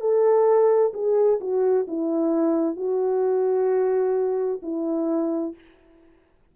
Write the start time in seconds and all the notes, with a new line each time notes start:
0.00 A4
0.93 G#4
1.40 F#4
1.87 E4
2.76 F#4
4.62 E4